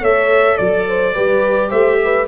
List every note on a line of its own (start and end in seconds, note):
0.00 0.57 A3
0.00 1.14 A4
0.00 0.56 C#5
0.00 0.57 E5
0.56 1.15 F#3
0.56 0.84 D5
0.56 1.69 D5
0.87 1.14 C5
1.14 1.71 G3
1.14 2.26 G4
1.14 1.69 B4
1.69 2.27 A3
1.69 1.97 C5
1.69 2.26 E5
2.03 2.27 B4